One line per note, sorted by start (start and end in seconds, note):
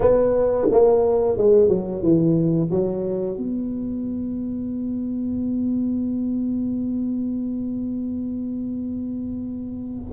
0.00 0.67 B3
0.71 1.37 A#3
1.37 1.68 G#3
1.68 2.02 F#3
2.02 2.69 E3
2.70 3.37 F#3
3.37 10.11 B3